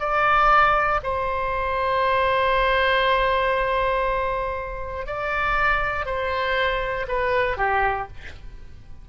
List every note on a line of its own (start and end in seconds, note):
0.00 1.01 D5
1.03 5.06 C5
5.06 6.06 D5
6.06 7.07 C5
7.08 7.58 B4
7.58 8.08 G4